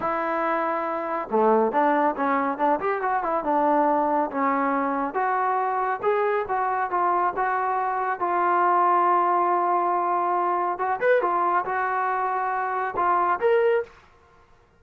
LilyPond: \new Staff \with { instrumentName = "trombone" } { \time 4/4 \tempo 4 = 139 e'2. a4 | d'4 cis'4 d'8 g'8 fis'8 e'8 | d'2 cis'2 | fis'2 gis'4 fis'4 |
f'4 fis'2 f'4~ | f'1~ | f'4 fis'8 b'8 f'4 fis'4~ | fis'2 f'4 ais'4 | }